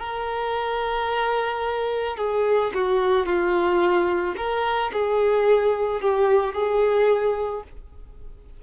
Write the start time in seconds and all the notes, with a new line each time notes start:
0.00 A#4
2.17 G#4
2.75 F#4
3.26 F4
4.37 A#4
4.93 G#4
6.01 G4
6.55 G#4